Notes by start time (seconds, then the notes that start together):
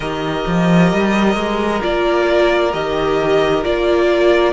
0.00 D#3 G4 A#4 D#5
0.47 F3
0.92 G3
1.35 G#3
1.80 A#3 F4 D5
2.72 D#3 G4 D#5
3.63 A#3 F4 D5